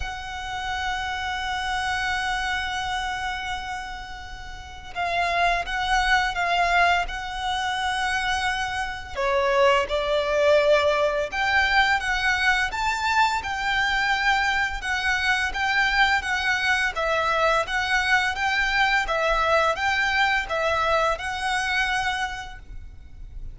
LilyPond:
\new Staff \with { instrumentName = "violin" } { \time 4/4 \tempo 4 = 85 fis''1~ | fis''2. f''4 | fis''4 f''4 fis''2~ | fis''4 cis''4 d''2 |
g''4 fis''4 a''4 g''4~ | g''4 fis''4 g''4 fis''4 | e''4 fis''4 g''4 e''4 | g''4 e''4 fis''2 | }